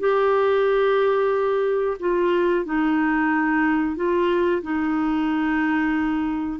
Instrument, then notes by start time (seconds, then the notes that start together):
clarinet
0.00 G4
2.00 F4
2.66 D#4
3.97 F4
4.63 D#4